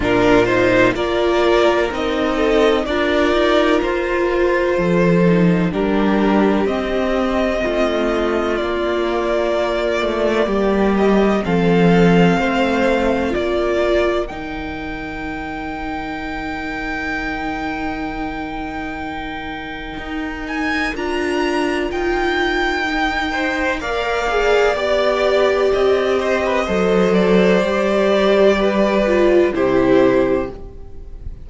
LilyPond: <<
  \new Staff \with { instrumentName = "violin" } { \time 4/4 \tempo 4 = 63 ais'8 c''8 d''4 dis''4 d''4 | c''2 ais'4 dis''4~ | dis''4 d''2~ d''8 dis''8 | f''2 d''4 g''4~ |
g''1~ | g''4. gis''8 ais''4 g''4~ | g''4 f''4 d''4 dis''4~ | dis''8 d''2~ d''8 c''4 | }
  \new Staff \with { instrumentName = "violin" } { \time 4/4 f'4 ais'4. a'8 ais'4~ | ais'4 a'4 g'2 | f'2. g'4 | a'4 c''4 ais'2~ |
ais'1~ | ais'1~ | ais'8 c''8 d''2~ d''8 c''16 b'16 | c''2 b'4 g'4 | }
  \new Staff \with { instrumentName = "viola" } { \time 4/4 d'8 dis'8 f'4 dis'4 f'4~ | f'4. dis'8 d'4 c'4~ | c'4 ais2. | c'2 f'4 dis'4~ |
dis'1~ | dis'2 f'2 | dis'4 ais'8 gis'8 g'2 | a'4 g'4. f'8 e'4 | }
  \new Staff \with { instrumentName = "cello" } { \time 4/4 ais,4 ais4 c'4 d'8 dis'8 | f'4 f4 g4 c'4 | a4 ais4. a8 g4 | f4 a4 ais4 dis4~ |
dis1~ | dis4 dis'4 d'4 dis'4~ | dis'4 ais4 b4 c'4 | fis4 g2 c4 | }
>>